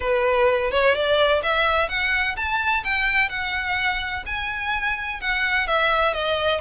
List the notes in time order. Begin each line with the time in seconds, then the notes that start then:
0.00 B4
0.71 C#5
0.94 D5
1.42 E5
1.88 F#5
2.36 A5
2.84 G5
3.29 F#5
4.25 G#5
5.21 F#5
5.67 E5
6.13 D#5